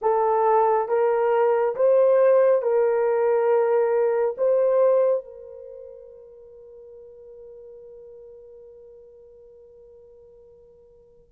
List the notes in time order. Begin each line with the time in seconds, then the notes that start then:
0.01 A4
0.88 A#4
1.75 C5
2.61 A#4
4.37 C5
5.24 A#4